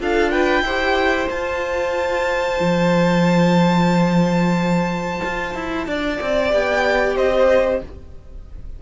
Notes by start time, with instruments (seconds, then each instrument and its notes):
0.00 cello D4, viola F4, violin A4 F5
0.31 violin B4 G5
0.62 cello E4, viola G4, violin C5
1.30 cello F4, viola F4, violin A5
2.60 cello F3
5.25 cello F4
5.55 cello E4
5.87 cello D4, violin D5
6.22 cello C4
6.50 cello B3, viola G4, violin G5
7.16 cello C4, violin C5 D#5